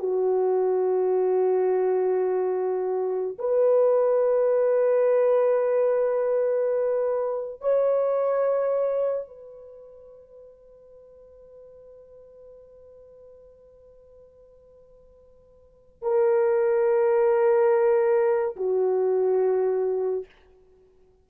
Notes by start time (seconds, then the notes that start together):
0.00 F#4
3.39 B4
7.61 C#5
9.28 B4
16.03 A#4
18.57 F#4